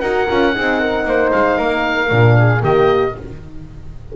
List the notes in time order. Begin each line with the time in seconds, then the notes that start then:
0.00 D#4 F#4 A#4 F#5
0.27 C#4 F4
0.52 C4 D#4 G#4
0.80 A#4
1.05 A#3 C5
1.32 G#3 F5
1.57 A#3 A#4
2.11 A#2 D4
2.38 G#4
2.59 D#3 A#3 G4 D#5